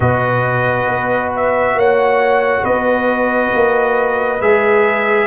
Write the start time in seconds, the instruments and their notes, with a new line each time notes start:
0.00 tuba B2, trombone F#4, horn B4, trumpet D#5
0.88 tuba B3
1.36 trumpet E5
1.74 tuba A#3, horn C#5, trumpet F#5
2.63 tuba B3, horn B4, trumpet D#5
3.54 tuba A#3
4.40 tuba G#3, trombone G#4, trumpet E5